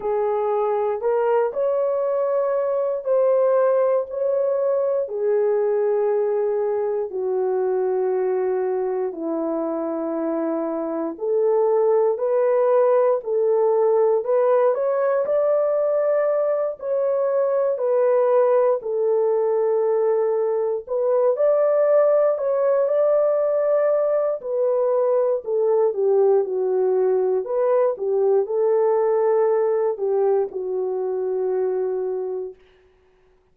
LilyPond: \new Staff \with { instrumentName = "horn" } { \time 4/4 \tempo 4 = 59 gis'4 ais'8 cis''4. c''4 | cis''4 gis'2 fis'4~ | fis'4 e'2 a'4 | b'4 a'4 b'8 cis''8 d''4~ |
d''8 cis''4 b'4 a'4.~ | a'8 b'8 d''4 cis''8 d''4. | b'4 a'8 g'8 fis'4 b'8 g'8 | a'4. g'8 fis'2 | }